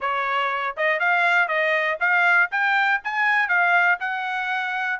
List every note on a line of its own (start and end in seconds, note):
0.00 0.75 C#5
0.77 0.99 D#5
0.99 1.48 F5
1.48 1.98 D#5
2.00 2.50 F5
2.51 3.01 G5
3.03 3.48 G#5
3.48 3.98 F5
4.00 4.99 F#5